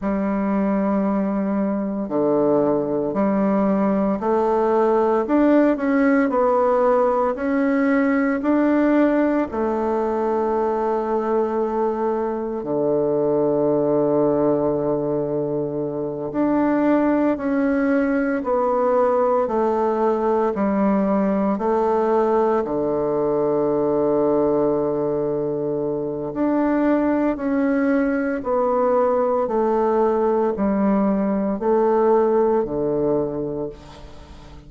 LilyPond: \new Staff \with { instrumentName = "bassoon" } { \time 4/4 \tempo 4 = 57 g2 d4 g4 | a4 d'8 cis'8 b4 cis'4 | d'4 a2. | d2.~ d8 d'8~ |
d'8 cis'4 b4 a4 g8~ | g8 a4 d2~ d8~ | d4 d'4 cis'4 b4 | a4 g4 a4 d4 | }